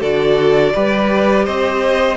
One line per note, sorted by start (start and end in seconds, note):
0.00 0.73 D3
0.00 0.73 F#4
0.00 0.72 A4
0.00 1.45 D5
0.74 1.47 G3
0.74 2.16 G4
0.74 1.45 B4
1.45 2.16 C4
1.45 2.16 C5
1.45 2.16 D#5